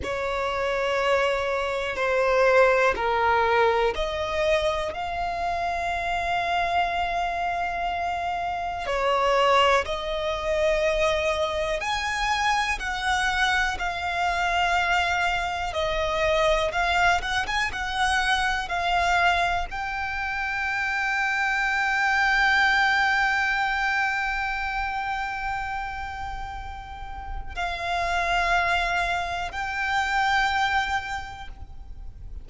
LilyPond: \new Staff \with { instrumentName = "violin" } { \time 4/4 \tempo 4 = 61 cis''2 c''4 ais'4 | dis''4 f''2.~ | f''4 cis''4 dis''2 | gis''4 fis''4 f''2 |
dis''4 f''8 fis''16 gis''16 fis''4 f''4 | g''1~ | g''1 | f''2 g''2 | }